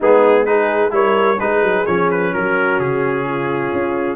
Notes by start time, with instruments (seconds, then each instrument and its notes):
0.00 tuba G#3, trombone B3, horn D#4, trumpet G#4
0.45 trombone D#4, horn G#4, trumpet B4
0.90 tuba G3, trombone E4, horn A#4, trumpet C#5
1.39 tuba G#3, trombone D#4, horn G#4, trumpet B4
1.62 tuba F#3
1.86 tuba F3, trombone C#4, trumpet C#5
2.10 trumpet B4
2.33 tuba F#3, horn F#4, trumpet A#4
2.79 tuba C#3, trumpet G#4
3.24 horn F4
3.72 tuba C#4